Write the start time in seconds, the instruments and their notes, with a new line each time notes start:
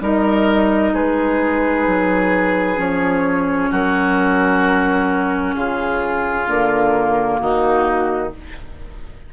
0.00 bassoon G3, clarinet D#4, oboe A#4, flute D#5
0.93 bassoon G#3, oboe G#4, flute B4
1.87 bassoon F#3
2.76 bassoon F3, clarinet C#4, flute C#5
3.70 bassoon F#3, oboe F#4, flute A#4
5.55 bassoon C#3, oboe F4, flute G#4
6.46 bassoon D3, clarinet A#3, flute A#4
7.38 bassoon D#3, oboe D#4, flute F#4